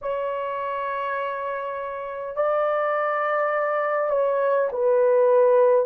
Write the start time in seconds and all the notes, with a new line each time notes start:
0.01 C#5
2.35 D5
4.10 C#5
4.72 B4